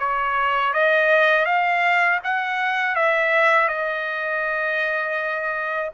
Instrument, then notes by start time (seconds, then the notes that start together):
trumpet
0.00 C#5
0.74 D#5
1.46 F5
2.24 F#5
2.96 E5
3.69 D#5